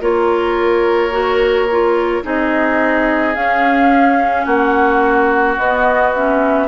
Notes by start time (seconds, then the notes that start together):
0.00 A#3 F4 A#4 C#5
1.10 F#4
1.71 F4
2.22 C4 D#4 G#4 D#5
3.34 C#4 F5
4.44 A#3 F#4 F#5
5.57 B3 D#5
6.14 C#4 E5